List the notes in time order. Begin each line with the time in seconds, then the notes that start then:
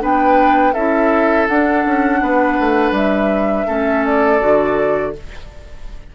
0.00 B3 D4 B4 G5
0.73 C#4 E4 A4 E5
1.48 D4 F#5
1.86 C#4
2.22 B3 B4
2.60 A3
2.92 G3 E5
3.67 A3 C#4 A4
4.05 D5
4.40 D3 F#4